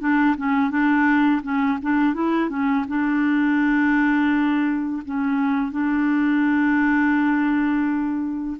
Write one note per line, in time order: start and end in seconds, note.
0.00 0.36 D4
0.37 0.70 C#4
0.70 1.42 D4
1.43 1.79 C#4
1.82 2.14 D4
2.14 2.50 E4
2.50 2.85 C#4
2.88 5.03 D4
5.05 5.72 C#4
5.72 8.57 D4